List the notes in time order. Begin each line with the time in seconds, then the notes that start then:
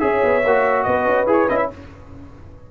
0.00 C#4 G#4 C#5 E5
0.24 B3
0.45 A#3 F#4
0.84 B3 B4 D#5
1.06 C#4
1.27 E4 G#4 C#5
1.49 C#4 E4 D#5
1.57 E5